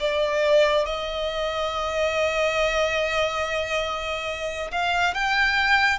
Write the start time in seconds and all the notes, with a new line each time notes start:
0.00 D5
0.85 D#5
4.72 F5
5.14 G5